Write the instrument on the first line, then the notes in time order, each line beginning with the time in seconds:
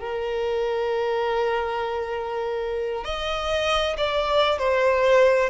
violin
0.00 A#4
3.05 D#5
3.98 D5
4.59 C5